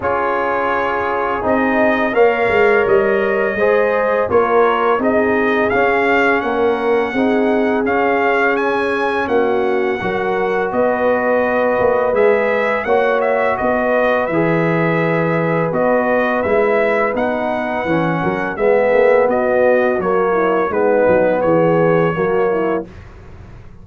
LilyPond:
<<
  \new Staff \with { instrumentName = "trumpet" } { \time 4/4 \tempo 4 = 84 cis''2 dis''4 f''4 | dis''2 cis''4 dis''4 | f''4 fis''2 f''4 | gis''4 fis''2 dis''4~ |
dis''4 e''4 fis''8 e''8 dis''4 | e''2 dis''4 e''4 | fis''2 e''4 dis''4 | cis''4 b'4 cis''2 | }
  \new Staff \with { instrumentName = "horn" } { \time 4/4 gis'2. cis''4~ | cis''4 c''4 ais'4 gis'4~ | gis'4 ais'4 gis'2~ | gis'4 fis'4 ais'4 b'4~ |
b'2 cis''4 b'4~ | b'1~ | b'4. ais'8 gis'4 fis'4~ | fis'8 e'8 dis'4 gis'4 fis'8 e'8 | }
  \new Staff \with { instrumentName = "trombone" } { \time 4/4 f'2 dis'4 ais'4~ | ais'4 gis'4 f'4 dis'4 | cis'2 dis'4 cis'4~ | cis'2 fis'2~ |
fis'4 gis'4 fis'2 | gis'2 fis'4 e'4 | dis'4 cis'4 b2 | ais4 b2 ais4 | }
  \new Staff \with { instrumentName = "tuba" } { \time 4/4 cis'2 c'4 ais8 gis8 | g4 gis4 ais4 c'4 | cis'4 ais4 c'4 cis'4~ | cis'4 ais4 fis4 b4~ |
b8 ais8 gis4 ais4 b4 | e2 b4 gis4 | b4 e8 fis8 gis8 ais8 b4 | fis4 gis8 fis8 e4 fis4 | }
>>